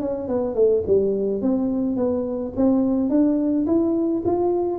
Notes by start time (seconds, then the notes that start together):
0.00 C#4
0.28 B3
0.55 A3
0.87 G3
1.42 C4
1.96 B3
2.56 C4
3.09 D4
3.66 E4
4.25 F4